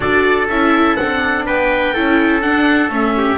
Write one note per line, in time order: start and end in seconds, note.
0.00 0.47 D4
0.00 0.49 F#4
0.00 1.45 A4
0.00 0.47 D5
0.49 0.97 C#4
0.49 0.99 E4
0.49 0.95 E5
0.95 1.47 C4
0.95 1.95 D4
0.95 1.44 F#5
1.45 1.96 B3
1.45 1.93 B4
1.45 2.41 G5
1.93 2.43 C#4
1.93 2.41 E4
1.93 3.14 A4
2.41 2.89 D4
2.41 2.90 F#5
2.89 3.37 A3
2.89 3.37 C#4
2.89 3.37 E5
3.17 3.37 G4